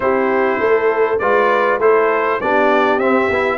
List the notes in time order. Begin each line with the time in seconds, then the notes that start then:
0.00 C4 E4 G4 C5
0.59 A3 A4
1.18 G#3 F4 B4 D5
1.79 A3 E4 A4 C5
2.40 B3 D4 G4 D5
2.98 C4 E5
3.29 B3 E4